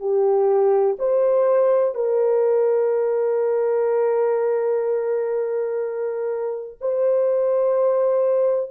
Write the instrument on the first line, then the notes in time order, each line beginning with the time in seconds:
horn
0.00 G4
0.99 C5
1.95 A#4
6.81 C5